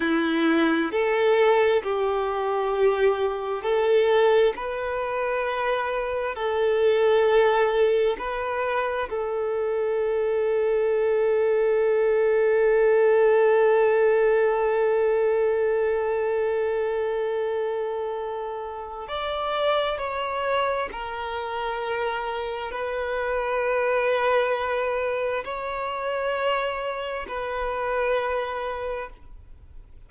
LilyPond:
\new Staff \with { instrumentName = "violin" } { \time 4/4 \tempo 4 = 66 e'4 a'4 g'2 | a'4 b'2 a'4~ | a'4 b'4 a'2~ | a'1~ |
a'1~ | a'4 d''4 cis''4 ais'4~ | ais'4 b'2. | cis''2 b'2 | }